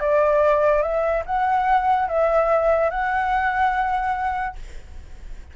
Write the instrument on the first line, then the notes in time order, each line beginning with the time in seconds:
flute
0.00 D5
0.82 E5
1.26 F#5
2.09 E5
2.90 F#5